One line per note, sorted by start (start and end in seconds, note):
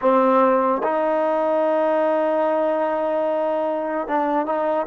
0.01 0.82 C4
0.83 4.07 D#4
4.07 4.46 D4
4.46 4.86 D#4